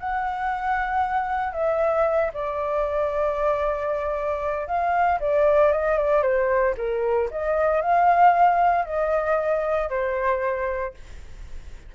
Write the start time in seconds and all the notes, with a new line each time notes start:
0.00 F#5
1.53 E5
2.34 D5
4.67 F5
5.21 D5
5.72 D#5
5.98 D5
6.23 C5
6.78 A#4
7.31 D#5
7.81 F5
8.86 D#5
9.90 C5